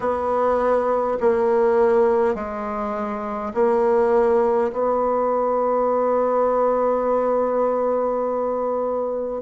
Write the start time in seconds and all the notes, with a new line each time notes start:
0.00 B3
1.20 A#3
2.35 G#3
3.53 A#3
4.72 B3